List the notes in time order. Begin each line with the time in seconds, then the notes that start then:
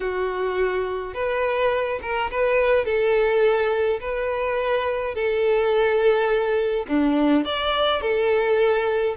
0.00 F#4
1.14 B4
2.02 A#4
2.30 B4
2.85 A4
4.00 B4
5.14 A4
6.88 D4
7.44 D5
8.01 A4